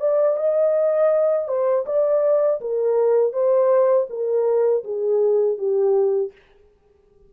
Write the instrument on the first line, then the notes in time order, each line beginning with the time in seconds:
horn
0.00 D5
0.37 D#5
1.48 C5
1.87 D5
2.61 A#4
3.33 C5
4.10 A#4
4.84 G#4
5.58 G4